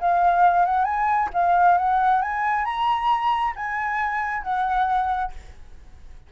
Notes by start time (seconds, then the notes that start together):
0.00 F5
0.65 F#5
0.84 G#5
1.33 F5
1.77 F#5
2.21 G#5
2.65 A#5
3.56 G#5
4.42 F#5